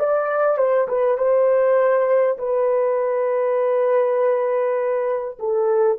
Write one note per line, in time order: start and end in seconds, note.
0.00 0.58 D5
0.58 0.88 C5
0.89 1.18 B4
1.18 2.38 C5
2.38 5.38 B4
5.39 5.99 A4